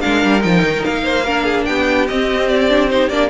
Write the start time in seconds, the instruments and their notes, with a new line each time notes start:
0.00 cello G#3, viola D4, violin A#4 F5
0.24 cello G3
0.40 cello F3, viola D#4, violin G5
0.62 cello D#3
0.84 cello A#3, violin F5
1.04 violin C5
1.24 viola D4, violin A#4
1.44 violin G#4
1.65 cello B3, violin G4 G5
2.07 viola C4, cello C4, violin D#5
2.48 violin D5
2.68 viola D4
2.89 viola D#4, violin C5
3.09 cello A#3, viola D4, violin D5